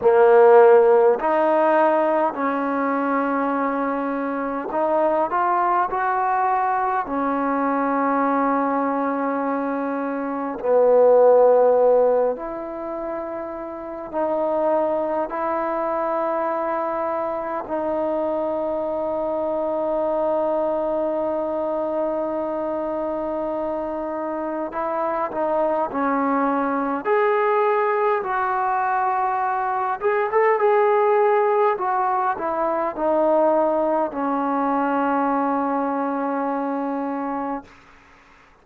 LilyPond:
\new Staff \with { instrumentName = "trombone" } { \time 4/4 \tempo 4 = 51 ais4 dis'4 cis'2 | dis'8 f'8 fis'4 cis'2~ | cis'4 b4. e'4. | dis'4 e'2 dis'4~ |
dis'1~ | dis'4 e'8 dis'8 cis'4 gis'4 | fis'4. gis'16 a'16 gis'4 fis'8 e'8 | dis'4 cis'2. | }